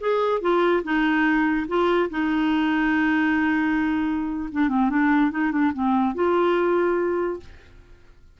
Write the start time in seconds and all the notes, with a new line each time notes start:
0.00 G#4
0.41 F4
0.83 D#4
1.68 F4
2.10 D#4
4.52 D4
4.69 C4
4.89 D4
5.31 D#4
5.51 D4
5.73 C4
6.14 F4